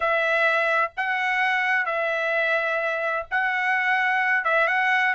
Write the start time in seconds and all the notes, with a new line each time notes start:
0.00 E5
0.96 F#5
1.85 E5
3.30 F#5
4.44 E5
4.67 F#5